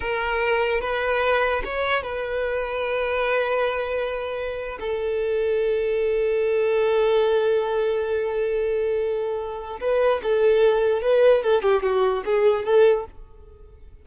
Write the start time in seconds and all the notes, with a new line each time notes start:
0.00 A#4
0.80 B4
1.64 C#5
2.02 B4
4.80 A4
9.80 B4
10.22 A4
11.02 B4
11.43 A4
11.62 G4
11.83 F#4
12.25 G#4
12.64 A4